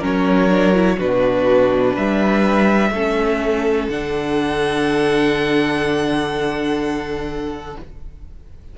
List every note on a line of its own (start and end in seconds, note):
0.00 1.00 F#3
0.00 0.50 C#4
0.00 0.97 A#4
0.00 1.00 C#5
0.50 0.74 D4
0.74 0.98 E4
0.98 1.97 B2
0.98 2.92 D4
0.98 1.94 F#4
0.98 1.97 B4
1.94 2.92 G3
1.94 2.90 B4
1.94 3.89 E5
2.92 3.88 A3
2.92 3.91 C#4
2.92 7.78 A4
3.89 7.76 D3
3.89 7.78 D4
3.89 7.76 F#5